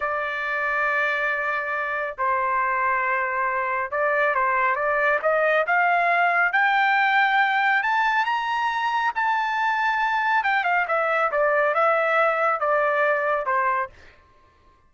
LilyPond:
\new Staff \with { instrumentName = "trumpet" } { \time 4/4 \tempo 4 = 138 d''1~ | d''4 c''2.~ | c''4 d''4 c''4 d''4 | dis''4 f''2 g''4~ |
g''2 a''4 ais''4~ | ais''4 a''2. | g''8 f''8 e''4 d''4 e''4~ | e''4 d''2 c''4 | }